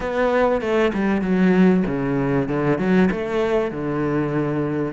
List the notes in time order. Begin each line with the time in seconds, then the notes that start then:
0.00 B3
0.61 A3
0.93 G3
1.21 F#3
1.86 C#3
2.48 D3
2.78 F#3
3.11 A3
3.71 D3